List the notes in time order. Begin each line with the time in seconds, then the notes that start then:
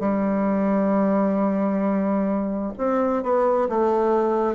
0.00 G3
2.78 C4
3.23 B3
3.69 A3